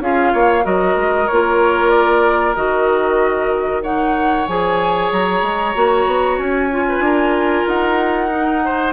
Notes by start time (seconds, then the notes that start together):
0.00 C#4 F4 G#4 F5
0.32 A#3 C#5
0.62 F#3 F#4 A#4 D#5
0.96 G#3
1.27 A#3 F4 C#5
1.90 D5
2.55 D#3 F#4 D#5
3.82 D#4 C#5 F#5
4.47 F3 G#4 G#5
5.12 F#3 A#5
5.42 G#3
5.74 A#3 F#4
6.06 B3
6.38 C#4 G#5
6.71 F4
6.88 B4
7.00 D4 A#4
7.67 D#4 F#5
8.30 D#4
8.64 C5